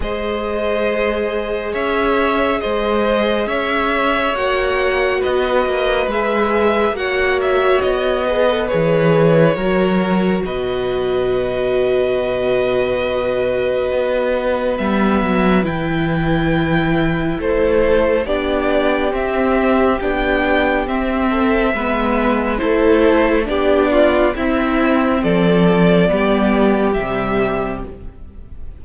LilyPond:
<<
  \new Staff \with { instrumentName = "violin" } { \time 4/4 \tempo 4 = 69 dis''2 e''4 dis''4 | e''4 fis''4 dis''4 e''4 | fis''8 e''8 dis''4 cis''2 | dis''1~ |
dis''4 e''4 g''2 | c''4 d''4 e''4 g''4 | e''2 c''4 d''4 | e''4 d''2 e''4 | }
  \new Staff \with { instrumentName = "violin" } { \time 4/4 c''2 cis''4 c''4 | cis''2 b'2 | cis''4. b'4. ais'4 | b'1~ |
b'1 | a'4 g'2.~ | g'8 a'8 b'4 a'4 g'8 f'8 | e'4 a'4 g'2 | }
  \new Staff \with { instrumentName = "viola" } { \time 4/4 gis'1~ | gis'4 fis'2 gis'4 | fis'4. gis'16 a'16 gis'4 fis'4~ | fis'1~ |
fis'4 b4 e'2~ | e'4 d'4 c'4 d'4 | c'4 b4 e'4 d'4 | c'2 b4 g4 | }
  \new Staff \with { instrumentName = "cello" } { \time 4/4 gis2 cis'4 gis4 | cis'4 ais4 b8 ais8 gis4 | ais4 b4 e4 fis4 | b,1 |
b4 g8 fis8 e2 | a4 b4 c'4 b4 | c'4 gis4 a4 b4 | c'4 f4 g4 c4 | }
>>